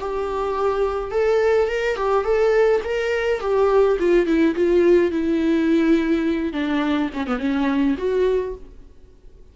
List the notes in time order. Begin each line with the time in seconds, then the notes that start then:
0.00 G4
1.11 A4
1.68 A#4
1.96 G4
2.24 A4
2.84 A#4
3.41 G4
3.99 F4
4.26 E4
4.55 F4
5.11 E4
6.53 D4
7.14 C#4
7.27 B3
7.39 C#4
7.98 F#4